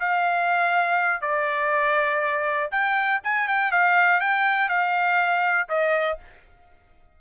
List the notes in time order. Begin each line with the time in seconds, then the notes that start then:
0.00 F5
1.22 D5
2.72 G5
3.24 G#5
3.48 G5
3.72 F5
4.21 G5
4.69 F5
5.69 D#5